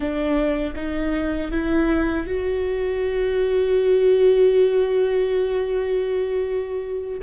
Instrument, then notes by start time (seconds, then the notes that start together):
viola
0.00 D4
0.75 D#4
1.51 E4
2.26 F#4